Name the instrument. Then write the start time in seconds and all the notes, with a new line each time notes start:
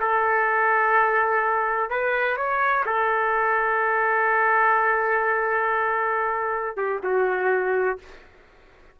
trumpet
0.00 A4
1.90 B4
2.37 C#5
2.85 A4
6.77 G4
7.03 F#4